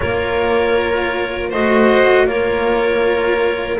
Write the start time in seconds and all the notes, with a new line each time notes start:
0.00 A#3 F4 A#4 C#5
1.49 A3 F#4 C5 D#5
2.25 A#3 F4 A#4 C#5